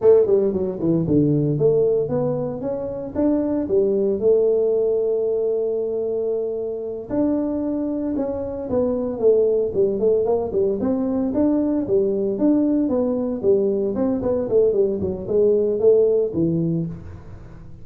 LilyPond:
\new Staff \with { instrumentName = "tuba" } { \time 4/4 \tempo 4 = 114 a8 g8 fis8 e8 d4 a4 | b4 cis'4 d'4 g4 | a1~ | a4. d'2 cis'8~ |
cis'8 b4 a4 g8 a8 ais8 | g8 c'4 d'4 g4 d'8~ | d'8 b4 g4 c'8 b8 a8 | g8 fis8 gis4 a4 e4 | }